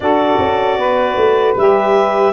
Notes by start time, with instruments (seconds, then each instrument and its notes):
0.00 tuba D4, saxophone F#4 A4, clarinet D5
0.38 tuba C#4
0.77 tuba B3, saxophone B4
1.16 tuba A3
1.56 tuba G3, saxophone G4, clarinet E5